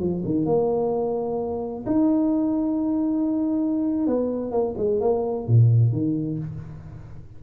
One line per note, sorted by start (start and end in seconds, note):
0.00 0.23 F3
0.25 0.46 D#3
0.46 1.85 A#3
1.86 4.07 D#4
4.07 4.52 B3
4.52 4.75 A#3
4.78 5.01 G#3
5.01 5.47 A#3
5.48 5.92 A#2
5.92 6.39 D#3